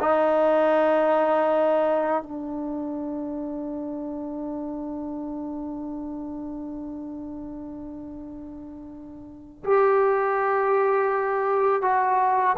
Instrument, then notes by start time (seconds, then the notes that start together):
trombone
0.00 D#4
2.23 D4
9.64 G4
11.82 F#4